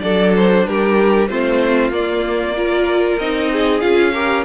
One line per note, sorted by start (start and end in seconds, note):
0.00 0.65 F#3
0.00 1.27 D4
0.00 0.66 A4
0.00 0.32 D5
0.36 0.67 C5
0.65 1.29 G3
0.65 1.29 G4
0.65 1.28 A#4
1.28 1.90 A3
1.28 1.91 C4
1.28 2.56 F4
1.28 1.91 C5
1.90 3.16 A#3
1.90 2.54 A#3
1.90 3.18 D5
2.56 3.19 F4
2.56 3.51 A#4
3.18 3.82 C4
3.18 3.80 D#4
3.18 3.80 D#5
3.52 4.13 G#4
3.80 4.44 C#4
3.80 4.12 F4
3.80 4.43 F5
4.13 4.44 G4
4.13 4.44 A#4